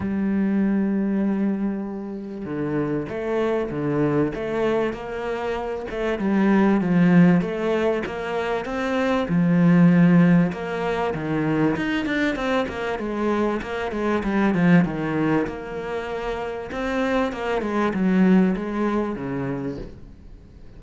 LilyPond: \new Staff \with { instrumentName = "cello" } { \time 4/4 \tempo 4 = 97 g1 | d4 a4 d4 a4 | ais4. a8 g4 f4 | a4 ais4 c'4 f4~ |
f4 ais4 dis4 dis'8 d'8 | c'8 ais8 gis4 ais8 gis8 g8 f8 | dis4 ais2 c'4 | ais8 gis8 fis4 gis4 cis4 | }